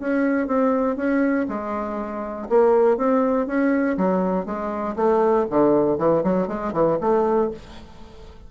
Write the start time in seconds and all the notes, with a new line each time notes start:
0.00 C#4
0.47 C4
0.97 C#4
1.49 G#3
2.49 A#3
2.97 C4
3.47 C#4
3.97 F#3
4.46 G#3
4.96 A3
5.50 D3
5.98 E3
6.24 F#3
6.48 G#3
6.73 E3
7.01 A3